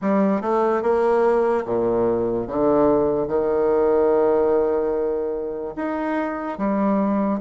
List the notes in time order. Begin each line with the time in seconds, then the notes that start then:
0.01 G3
0.41 A3
0.82 A#3
1.65 A#2
2.47 D3
3.27 D#3
5.76 D#4
6.58 G3